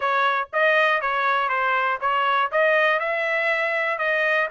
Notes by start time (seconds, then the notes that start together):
0.00 C#5
0.53 D#5
1.01 C#5
1.48 C5
2.00 C#5
2.51 D#5
2.99 E5
3.98 D#5